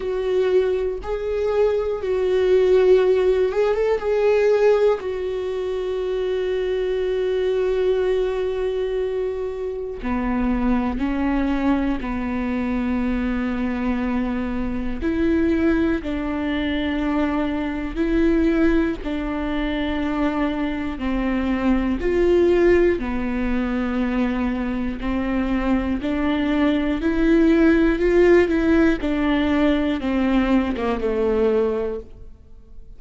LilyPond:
\new Staff \with { instrumentName = "viola" } { \time 4/4 \tempo 4 = 60 fis'4 gis'4 fis'4. gis'16 a'16 | gis'4 fis'2.~ | fis'2 b4 cis'4 | b2. e'4 |
d'2 e'4 d'4~ | d'4 c'4 f'4 b4~ | b4 c'4 d'4 e'4 | f'8 e'8 d'4 c'8. ais16 a4 | }